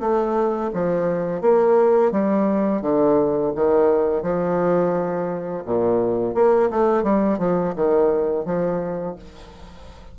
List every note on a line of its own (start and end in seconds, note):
0.00 0.71 A3
0.74 1.41 F3
1.41 2.11 A#3
2.11 2.82 G3
2.82 3.53 D3
3.55 4.22 D#3
4.22 5.63 F3
5.65 6.35 A#2
6.35 6.70 A#3
6.70 7.04 A3
7.04 7.39 G3
7.39 7.74 F3
7.76 8.45 D#3
8.45 9.16 F3